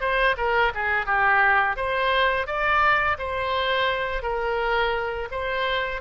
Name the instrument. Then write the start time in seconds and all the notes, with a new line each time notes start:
oboe
0.00 C5
0.37 A#4
0.74 G#4
1.06 G4
1.76 C5
2.46 D5
3.18 C5
4.22 A#4
5.31 C5